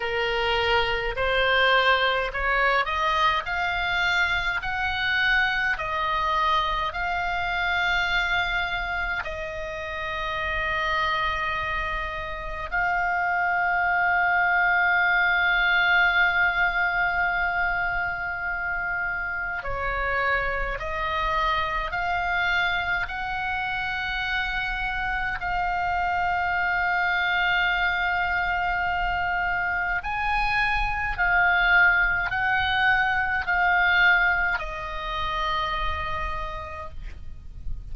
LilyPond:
\new Staff \with { instrumentName = "oboe" } { \time 4/4 \tempo 4 = 52 ais'4 c''4 cis''8 dis''8 f''4 | fis''4 dis''4 f''2 | dis''2. f''4~ | f''1~ |
f''4 cis''4 dis''4 f''4 | fis''2 f''2~ | f''2 gis''4 f''4 | fis''4 f''4 dis''2 | }